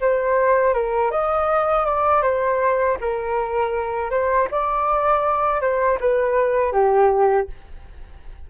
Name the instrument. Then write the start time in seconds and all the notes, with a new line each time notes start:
flute
0.00 C5
0.73 A#4
1.10 D#5
1.85 D5
2.22 C5
3.00 A#4
4.10 C5
4.51 D5
5.61 C5
6.00 B4
6.72 G4